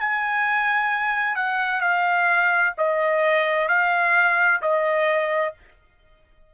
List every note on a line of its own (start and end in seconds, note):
0.00 1.36 G#5
1.36 1.80 F#5
1.80 2.73 F5
2.77 3.68 D#5
3.68 4.61 F5
4.62 5.54 D#5